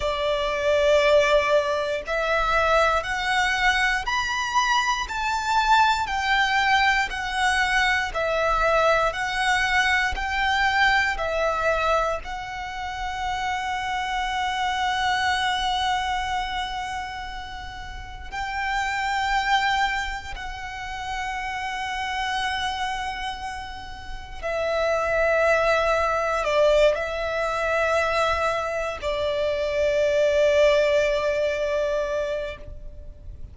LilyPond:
\new Staff \with { instrumentName = "violin" } { \time 4/4 \tempo 4 = 59 d''2 e''4 fis''4 | b''4 a''4 g''4 fis''4 | e''4 fis''4 g''4 e''4 | fis''1~ |
fis''2 g''2 | fis''1 | e''2 d''8 e''4.~ | e''8 d''2.~ d''8 | }